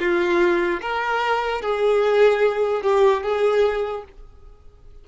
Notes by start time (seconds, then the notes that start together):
0.00 F4
0.81 A#4
1.62 G#4
2.83 G4
3.23 G#4